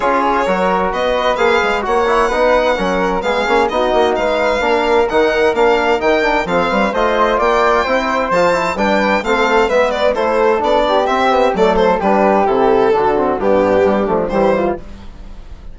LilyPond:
<<
  \new Staff \with { instrumentName = "violin" } { \time 4/4 \tempo 4 = 130 cis''2 dis''4 f''4 | fis''2. f''4 | dis''4 f''2 fis''4 | f''4 g''4 f''4 dis''4 |
g''2 a''4 g''4 | f''4 e''8 d''8 c''4 d''4 | e''4 d''8 c''8 b'4 a'4~ | a'4 g'2 c''4 | }
  \new Staff \with { instrumentName = "flute" } { \time 4/4 gis'4 ais'4 b'2 | cis''4 b'4 ais'4 gis'4 | fis'4 b'4 ais'2~ | ais'2 a'8 b'8 c''4 |
d''4 c''2 b'4 | a'4 b'4 a'4. g'8~ | g'4 a'4 g'2 | fis'4 d'2 g'8 f'8 | }
  \new Staff \with { instrumentName = "trombone" } { \time 4/4 f'4 fis'2 gis'4 | fis'8 e'8 dis'4 cis'4 b8 cis'8 | dis'2 d'4 dis'4 | d'4 dis'8 d'8 c'4 f'4~ |
f'4 e'4 f'8 e'8 d'4 | c'4 b4 e'4 d'4 | c'8 b8 a4 d'4 e'4 | d'8 c'8 b4. a8 g4 | }
  \new Staff \with { instrumentName = "bassoon" } { \time 4/4 cis'4 fis4 b4 ais8 gis8 | ais4 b4 fis4 gis8 ais8 | b8 ais8 gis4 ais4 dis4 | ais4 dis4 f8 g8 a4 |
ais4 c'4 f4 g4 | a4 gis4 a4 b4 | c'4 fis4 g4 c4 | d4 g,4 g8 f8 e4 | }
>>